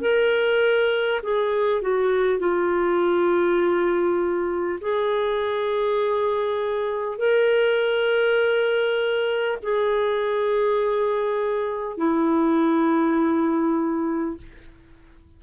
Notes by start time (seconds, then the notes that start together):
0.00 A#4
1.22 G#4
1.81 F#4
2.39 F4
4.80 G#4
7.18 A#4
9.62 G#4
11.97 E4